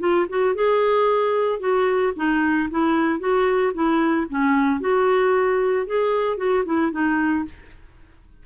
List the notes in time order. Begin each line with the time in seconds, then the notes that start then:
0.00 F4
0.29 F#4
0.55 G#4
1.60 F#4
2.16 D#4
2.71 E4
3.20 F#4
3.74 E4
4.30 C#4
4.81 F#4
5.86 G#4
6.38 F#4
6.65 E4
6.92 D#4